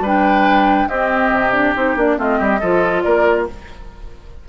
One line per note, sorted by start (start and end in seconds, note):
0.00 0.86 G3
0.00 0.90 D4
0.00 0.88 B4
0.00 0.88 G5
0.88 1.30 C4
0.88 1.53 C4
0.88 2.17 G4
0.88 1.52 D#5
1.30 1.73 C3
1.52 1.74 D4
1.52 1.73 D5
1.75 1.95 C4
1.75 1.96 D#4
1.75 1.97 C5
1.95 2.17 A#3
1.95 2.17 D4
1.95 2.20 D5
2.17 2.39 A3
2.17 2.60 C4
2.17 2.38 F4
2.17 3.02 D#5
2.38 2.61 G3
2.38 2.59 G4
2.59 3.04 F3
2.59 3.48 F4
2.59 3.02 A4
3.02 3.48 A#3
3.02 3.47 A#4
3.02 3.45 D5